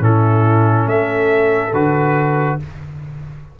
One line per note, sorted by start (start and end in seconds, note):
0.00 0.86 A2
0.00 1.71 C#4
0.00 0.88 E4
0.00 0.89 A4
0.86 1.72 A3
0.86 2.59 A4
0.86 1.74 E5
1.73 2.59 D3
1.73 2.60 F#4
1.73 2.60 B4